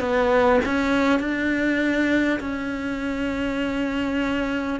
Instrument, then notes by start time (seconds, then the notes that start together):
cello
0.00 B3
0.65 C#4
1.19 D4
2.39 C#4